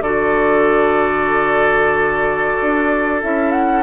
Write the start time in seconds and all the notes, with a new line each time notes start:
0.00 D3 F#4 A4 D5
2.61 D4
3.22 C#4 E4 E5
3.51 F#5